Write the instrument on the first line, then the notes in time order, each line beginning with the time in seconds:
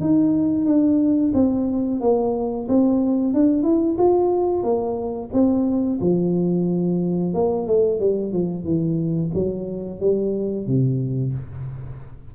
tuba
0.00 D#4
0.65 D4
1.34 C4
2.01 A#3
2.68 C4
3.34 D4
3.63 E4
3.98 F4
4.63 A#3
5.33 C4
6.01 F3
7.34 A#3
7.67 A3
8.00 G3
8.33 F3
8.64 E3
9.34 F#3
10.00 G3
10.67 C3